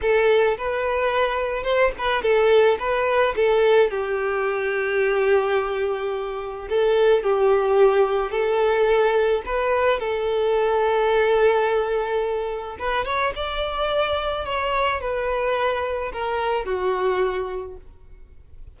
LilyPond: \new Staff \with { instrumentName = "violin" } { \time 4/4 \tempo 4 = 108 a'4 b'2 c''8 b'8 | a'4 b'4 a'4 g'4~ | g'1 | a'4 g'2 a'4~ |
a'4 b'4 a'2~ | a'2. b'8 cis''8 | d''2 cis''4 b'4~ | b'4 ais'4 fis'2 | }